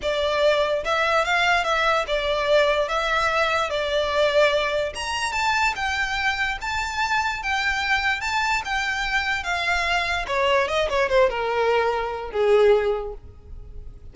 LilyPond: \new Staff \with { instrumentName = "violin" } { \time 4/4 \tempo 4 = 146 d''2 e''4 f''4 | e''4 d''2 e''4~ | e''4 d''2. | ais''4 a''4 g''2 |
a''2 g''2 | a''4 g''2 f''4~ | f''4 cis''4 dis''8 cis''8 c''8 ais'8~ | ais'2 gis'2 | }